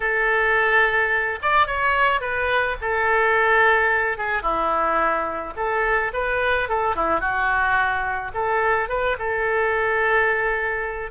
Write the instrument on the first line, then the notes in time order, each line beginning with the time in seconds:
oboe
0.00 A4
1.42 D5
1.67 C#5
2.20 B4
2.81 A4
4.17 G#4
4.42 E4
5.56 A4
6.13 B4
6.68 A4
6.95 E4
7.20 F#4
8.34 A4
8.88 B4
9.18 A4